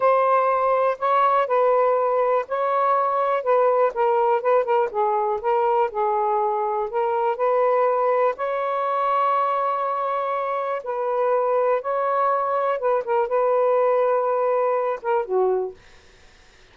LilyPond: \new Staff \with { instrumentName = "saxophone" } { \time 4/4 \tempo 4 = 122 c''2 cis''4 b'4~ | b'4 cis''2 b'4 | ais'4 b'8 ais'8 gis'4 ais'4 | gis'2 ais'4 b'4~ |
b'4 cis''2.~ | cis''2 b'2 | cis''2 b'8 ais'8 b'4~ | b'2~ b'8 ais'8 fis'4 | }